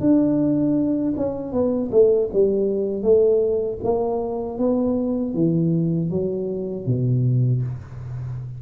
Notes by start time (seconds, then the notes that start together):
0.00 D4
1.16 C#4
1.52 B3
1.91 A3
2.33 G3
3.02 A3
3.83 A#3
4.58 B3
5.34 E3
6.10 F#3
6.86 B2